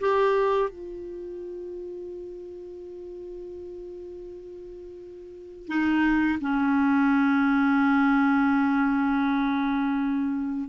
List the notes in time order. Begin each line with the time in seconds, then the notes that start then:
0.00 G4
0.70 F4
5.68 D#4
6.41 C#4